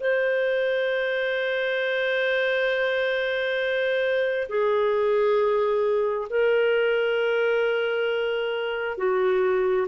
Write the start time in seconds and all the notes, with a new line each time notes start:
0.00 C5
4.49 G#4
6.30 A#4
8.98 F#4